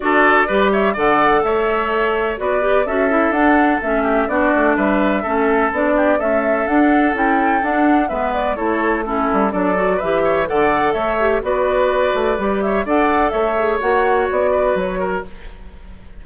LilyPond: <<
  \new Staff \with { instrumentName = "flute" } { \time 4/4 \tempo 4 = 126 d''4. e''8 fis''4 e''4~ | e''4 d''4 e''4 fis''4 | e''4 d''4 e''2 | d''4 e''4 fis''4 g''4 |
fis''4 e''8 d''8 cis''4 a'4 | d''4 e''4 fis''4 e''4 | d''2~ d''8 e''8 fis''4 | e''4 fis''4 d''4 cis''4 | }
  \new Staff \with { instrumentName = "oboe" } { \time 4/4 a'4 b'8 cis''8 d''4 cis''4~ | cis''4 b'4 a'2~ | a'8 g'8 fis'4 b'4 a'4~ | a'8 g'8 a'2.~ |
a'4 b'4 a'4 e'4 | a'4 b'8 cis''8 d''4 cis''4 | b'2~ b'8 cis''8 d''4 | cis''2~ cis''8 b'4 ais'8 | }
  \new Staff \with { instrumentName = "clarinet" } { \time 4/4 fis'4 g'4 a'2~ | a'4 fis'8 g'8 fis'8 e'8 d'4 | cis'4 d'2 cis'4 | d'4 a4 d'4 e'4 |
d'4 b4 e'4 cis'4 | d'8 fis'8 g'4 a'4. g'8 | fis'2 g'4 a'4~ | a'8 gis'8 fis'2. | }
  \new Staff \with { instrumentName = "bassoon" } { \time 4/4 d'4 g4 d4 a4~ | a4 b4 cis'4 d'4 | a4 b8 a8 g4 a4 | b4 cis'4 d'4 cis'4 |
d'4 gis4 a4. g8 | fis4 e4 d4 a4 | b4. a8 g4 d'4 | a4 ais4 b4 fis4 | }
>>